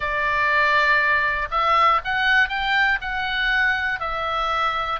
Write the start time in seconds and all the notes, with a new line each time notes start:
0.00 D5
1.50 E5
2.04 F#5
2.48 G5
3.01 F#5
4.00 E5